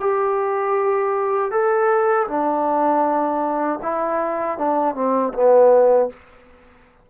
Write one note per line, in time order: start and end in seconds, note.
0.00 1.51 G4
1.51 2.27 A4
2.28 3.79 D4
3.83 4.58 E4
4.58 4.95 D4
4.95 5.33 C4
5.33 6.09 B3